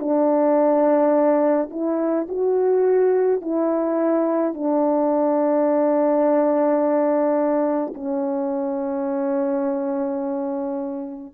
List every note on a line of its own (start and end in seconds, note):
0.00 1.70 D4
1.71 2.27 E4
2.28 3.41 F#4
3.41 4.54 E4
4.54 7.93 D4
7.94 11.34 C#4